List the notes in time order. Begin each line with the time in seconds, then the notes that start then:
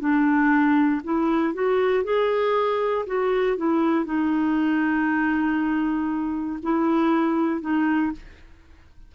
0.00 D4
1.04 E4
1.54 F#4
2.04 G#4
3.06 F#4
3.57 E4
4.05 D#4
6.63 E4
7.61 D#4